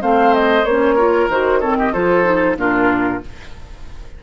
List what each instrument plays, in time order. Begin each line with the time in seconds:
0.00 bassoon A3, clarinet C4, oboe C5, flute F5
0.34 flute D#5
0.64 bassoon A#3, clarinet C#4, flute C#5
0.95 clarinet F4, oboe A#4
1.28 bassoon D#3, clarinet F#4, flute C5
1.60 clarinet C4, oboe A4, flute C#5
1.78 oboe G4, flute D#5
1.92 bassoon F3, clarinet F4, oboe A4, flute C5
2.24 clarinet D#4
2.56 bassoon A#2, clarinet D4, oboe F4, flute A#4